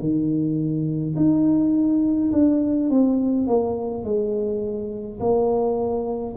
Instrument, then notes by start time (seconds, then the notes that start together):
tuba
0.00 D#3
1.16 D#4
2.32 D4
2.90 C4
3.47 A#3
4.04 G#3
5.20 A#3